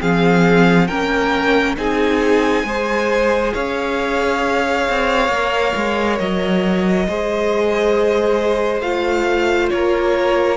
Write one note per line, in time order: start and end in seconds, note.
0.00 0.90 F3
0.00 0.88 C4
0.00 0.88 G#4
0.00 0.87 F5
0.87 1.77 A#3
0.87 1.77 C#4
0.87 1.76 A#4
0.87 1.76 G5
1.77 2.64 C4
1.77 2.65 D#4
1.77 2.67 G#4
1.77 3.54 G#5
2.64 3.53 G#3
2.64 5.31 G#4
2.64 3.54 C5
3.54 4.88 C#4
3.54 7.07 C#5
3.54 6.19 F5
4.89 5.29 C4
5.29 5.73 A#3
5.29 7.09 A#4
5.76 6.20 G#3
6.19 7.08 F#3
6.19 8.81 D#5
7.08 8.82 G#3
7.08 8.82 G#4
7.08 9.73 C5
8.81 9.70 A3
8.81 10.57 F4
8.81 9.69 F5
9.70 10.57 A#3
9.70 10.57 A#4
9.70 10.57 C#5